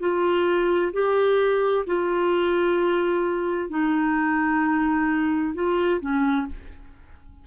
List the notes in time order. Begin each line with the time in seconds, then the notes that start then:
0.00 F4
0.93 G4
1.87 F4
3.70 D#4
5.55 F4
6.01 C#4